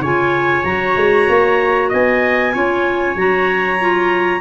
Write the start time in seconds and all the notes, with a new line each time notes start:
0.00 C#3 F4 C#5 G#5
0.64 F#3 F#4 A#5
0.96 G#3
1.29 A#3
1.89 B3 D#5 G#5
2.53 C#4 F4 C#5
3.15 F#3 F#4 A#5
3.79 F4